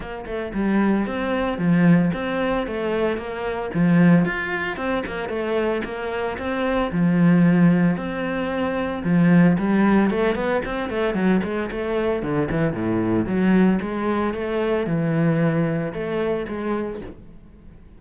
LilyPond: \new Staff \with { instrumentName = "cello" } { \time 4/4 \tempo 4 = 113 ais8 a8 g4 c'4 f4 | c'4 a4 ais4 f4 | f'4 c'8 ais8 a4 ais4 | c'4 f2 c'4~ |
c'4 f4 g4 a8 b8 | c'8 a8 fis8 gis8 a4 d8 e8 | a,4 fis4 gis4 a4 | e2 a4 gis4 | }